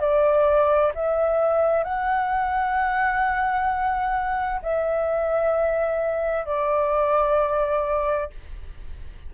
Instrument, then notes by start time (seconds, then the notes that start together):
flute
0.00 D5
0.95 E5
1.84 F#5
4.62 E5
6.46 D5